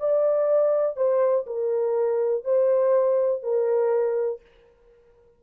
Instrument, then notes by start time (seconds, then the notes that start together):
horn
0.00 D5
0.97 C5
1.47 A#4
2.45 C5
3.43 A#4